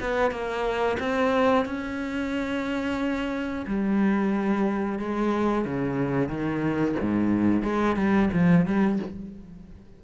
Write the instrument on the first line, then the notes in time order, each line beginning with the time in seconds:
cello
0.00 B3
0.31 A#3
0.99 C4
1.65 C#4
3.67 G3
4.99 G#3
5.65 C#3
6.28 D#3
7.01 G#2
7.62 G#3
7.96 G3
8.33 F3
8.65 G3